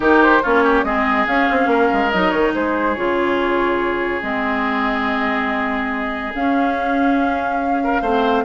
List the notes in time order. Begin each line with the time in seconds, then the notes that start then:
0.00 D#3 D#4 G4 A#4
0.22 C5
0.43 A#3 C#4 F4 C#5
0.63 G4
0.83 G#3 C4 G#4 D#5
1.27 C#4 F5
1.50 C4
1.66 A#3 A#4
1.92 G#3
2.11 F#3 D#4 D#5
2.30 D#3 C#5
2.54 G#3 G#4 C5
2.94 C#3 F4 C#5
4.22 G#3 C4 D#5
6.34 C#4 F5
7.83 A#4
8.01 A3 C4 C5